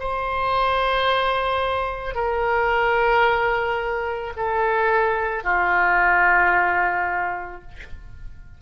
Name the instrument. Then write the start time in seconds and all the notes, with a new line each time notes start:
oboe
0.00 C5
2.15 A#4
4.37 A4
5.44 F4